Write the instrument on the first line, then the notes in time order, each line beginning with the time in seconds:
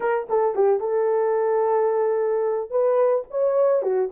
horn
0.00 A#4
0.29 A4
0.55 G4
0.79 A4
2.70 B4
3.30 C#5
3.82 F#4